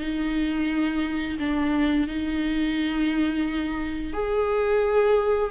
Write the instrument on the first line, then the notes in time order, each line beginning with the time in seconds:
viola
0.00 D#4
1.39 D4
2.08 D#4
4.13 G#4